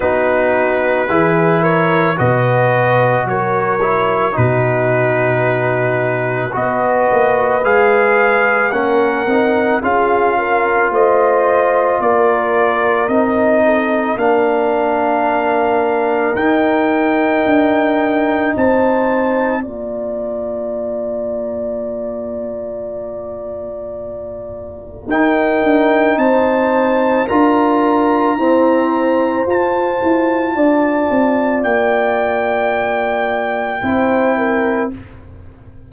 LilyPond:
<<
  \new Staff \with { instrumentName = "trumpet" } { \time 4/4 \tempo 4 = 55 b'4. cis''8 dis''4 cis''4 | b'2 dis''4 f''4 | fis''4 f''4 dis''4 d''4 | dis''4 f''2 g''4~ |
g''4 a''4 ais''2~ | ais''2. g''4 | a''4 ais''2 a''4~ | a''4 g''2. | }
  \new Staff \with { instrumentName = "horn" } { \time 4/4 fis'4 gis'8 ais'8 b'4 ais'4 | fis'2 b'2 | ais'4 gis'8 ais'8 c''4 ais'4~ | ais'8 a'8 ais'2.~ |
ais'4 c''4 d''2~ | d''2. ais'4 | c''4 ais'4 c''2 | d''2. c''8 ais'8 | }
  \new Staff \with { instrumentName = "trombone" } { \time 4/4 dis'4 e'4 fis'4. e'8 | dis'2 fis'4 gis'4 | cis'8 dis'8 f'2. | dis'4 d'2 dis'4~ |
dis'2 f'2~ | f'2. dis'4~ | dis'4 f'4 c'4 f'4~ | f'2. e'4 | }
  \new Staff \with { instrumentName = "tuba" } { \time 4/4 b4 e4 b,4 fis4 | b,2 b8 ais8 gis4 | ais8 c'8 cis'4 a4 ais4 | c'4 ais2 dis'4 |
d'4 c'4 ais2~ | ais2. dis'8 d'8 | c'4 d'4 e'4 f'8 e'8 | d'8 c'8 ais2 c'4 | }
>>